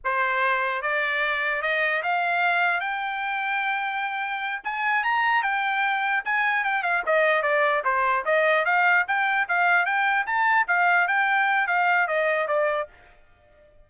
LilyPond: \new Staff \with { instrumentName = "trumpet" } { \time 4/4 \tempo 4 = 149 c''2 d''2 | dis''4 f''2 g''4~ | g''2.~ g''8 gis''8~ | gis''8 ais''4 g''2 gis''8~ |
gis''8 g''8 f''8 dis''4 d''4 c''8~ | c''8 dis''4 f''4 g''4 f''8~ | f''8 g''4 a''4 f''4 g''8~ | g''4 f''4 dis''4 d''4 | }